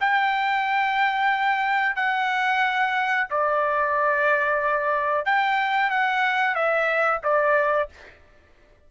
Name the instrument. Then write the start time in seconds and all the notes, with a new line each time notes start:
trumpet
0.00 G5
1.96 F#5
3.30 D5
5.25 G5
5.90 F#5
6.55 E5
7.23 D5